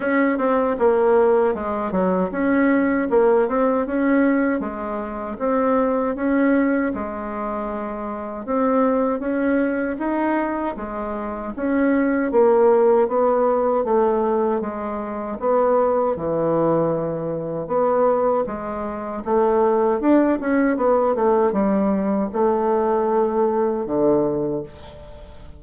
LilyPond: \new Staff \with { instrumentName = "bassoon" } { \time 4/4 \tempo 4 = 78 cis'8 c'8 ais4 gis8 fis8 cis'4 | ais8 c'8 cis'4 gis4 c'4 | cis'4 gis2 c'4 | cis'4 dis'4 gis4 cis'4 |
ais4 b4 a4 gis4 | b4 e2 b4 | gis4 a4 d'8 cis'8 b8 a8 | g4 a2 d4 | }